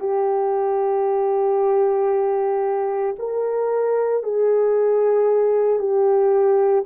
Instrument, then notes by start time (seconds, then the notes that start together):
horn
0.00 G4
3.19 A#4
4.23 G#4
5.79 G4